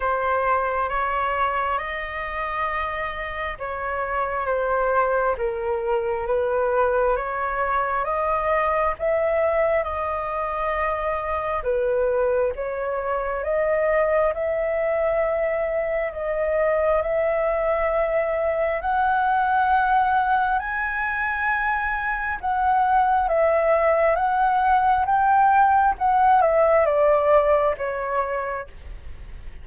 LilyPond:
\new Staff \with { instrumentName = "flute" } { \time 4/4 \tempo 4 = 67 c''4 cis''4 dis''2 | cis''4 c''4 ais'4 b'4 | cis''4 dis''4 e''4 dis''4~ | dis''4 b'4 cis''4 dis''4 |
e''2 dis''4 e''4~ | e''4 fis''2 gis''4~ | gis''4 fis''4 e''4 fis''4 | g''4 fis''8 e''8 d''4 cis''4 | }